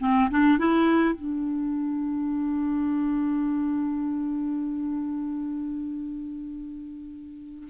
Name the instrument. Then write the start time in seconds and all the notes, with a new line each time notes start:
clarinet
0.00 C4
0.31 D4
0.59 E4
1.15 D4